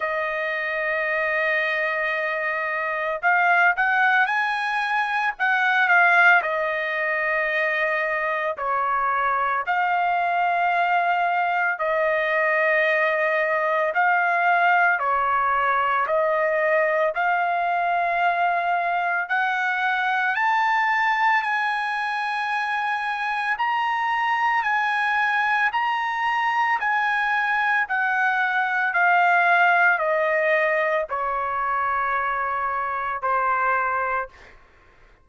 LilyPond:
\new Staff \with { instrumentName = "trumpet" } { \time 4/4 \tempo 4 = 56 dis''2. f''8 fis''8 | gis''4 fis''8 f''8 dis''2 | cis''4 f''2 dis''4~ | dis''4 f''4 cis''4 dis''4 |
f''2 fis''4 a''4 | gis''2 ais''4 gis''4 | ais''4 gis''4 fis''4 f''4 | dis''4 cis''2 c''4 | }